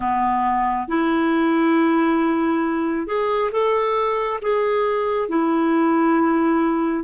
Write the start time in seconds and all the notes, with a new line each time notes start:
0.00 B3
0.87 E4
3.06 G#4
3.51 A4
4.41 G#4
5.28 E4